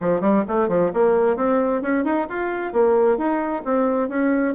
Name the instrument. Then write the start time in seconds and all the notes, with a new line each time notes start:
bassoon
0.00 F3
0.20 G3
0.48 A3
0.68 F3
0.93 A#3
1.36 C4
1.82 C#4
2.04 D#4
2.29 F4
2.73 A#3
3.17 D#4
3.64 C4
4.08 C#4